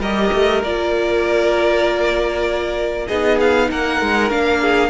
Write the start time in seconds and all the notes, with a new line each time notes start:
0.00 G3 G4 A#4 D#5
0.33 A3
0.63 A#3 F4 D5
3.08 B3 D#4 G#4 D#5
3.40 F5
3.71 A#3 A#4 F#5
4.02 G#3
4.31 A#3 D4 F5
4.61 G#4